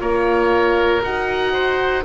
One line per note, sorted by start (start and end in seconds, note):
0.00 1.02 A#3
0.00 1.02 F4
0.00 1.53 A#4
0.00 1.02 C#5
1.02 2.04 D#4
1.02 2.04 F#4
1.02 2.04 F#5
1.53 2.03 C5